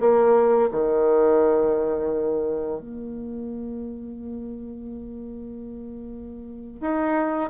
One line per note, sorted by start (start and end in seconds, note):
0.00 0.70 A#3
0.71 2.80 D#3
2.80 6.81 A#3
6.81 7.50 D#4